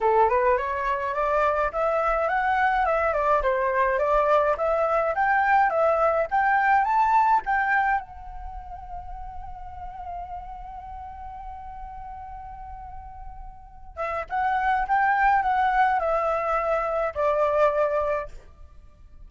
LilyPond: \new Staff \with { instrumentName = "flute" } { \time 4/4 \tempo 4 = 105 a'8 b'8 cis''4 d''4 e''4 | fis''4 e''8 d''8 c''4 d''4 | e''4 g''4 e''4 g''4 | a''4 g''4 fis''2~ |
fis''1~ | fis''1~ | fis''8 e''8 fis''4 g''4 fis''4 | e''2 d''2 | }